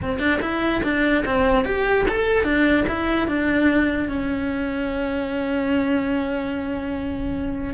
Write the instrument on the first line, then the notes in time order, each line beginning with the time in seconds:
cello
0.02 C4
0.19 D4
0.41 E4
0.83 D4
1.25 C4
1.64 G4
2.08 A4
2.43 D4
2.88 E4
3.27 D4
4.08 C#4